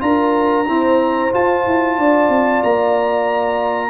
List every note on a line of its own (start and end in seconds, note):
0.00 0.68 D4
0.00 0.65 F4
0.00 0.69 A#4
0.00 1.32 A#5
0.68 1.32 C4
0.68 1.33 E4
0.68 1.98 C5
1.32 3.90 F4
1.32 1.67 F4
1.32 2.63 A5
1.67 1.99 E4
1.98 2.29 D4
1.98 3.90 D5
2.29 2.62 C4
2.63 3.90 A#3
2.63 3.90 A#5